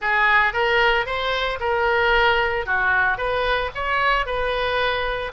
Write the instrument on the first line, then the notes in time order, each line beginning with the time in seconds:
oboe
0.01 G#4
0.53 A#4
1.05 C5
1.60 A#4
2.65 F#4
3.17 B4
3.75 C#5
4.26 B4